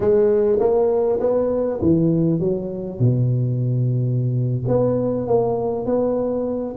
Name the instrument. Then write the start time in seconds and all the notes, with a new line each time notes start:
tuba
0.00 G#3
0.59 A#3
1.20 B3
1.81 E3
2.39 F#3
2.99 B2
4.67 B3
5.27 A#3
5.85 B3